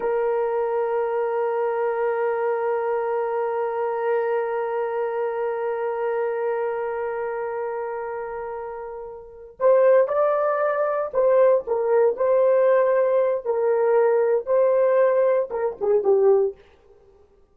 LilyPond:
\new Staff \with { instrumentName = "horn" } { \time 4/4 \tempo 4 = 116 ais'1~ | ais'1~ | ais'1~ | ais'1~ |
ais'2~ ais'8 c''4 d''8~ | d''4. c''4 ais'4 c''8~ | c''2 ais'2 | c''2 ais'8 gis'8 g'4 | }